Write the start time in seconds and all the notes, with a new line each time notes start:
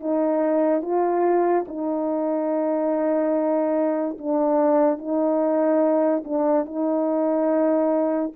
0.00 D#4
0.81 F4
1.68 D#4
4.18 D4
4.98 D#4
6.24 D4
6.65 D#4